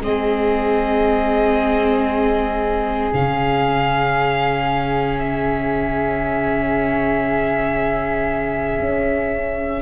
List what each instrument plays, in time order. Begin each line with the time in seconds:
0.00 tuba G#3, viola C4, flute G#4, violin D#5
3.13 tuba C#3, viola C#4, violin F5
5.19 violin E5
8.79 tuba C#4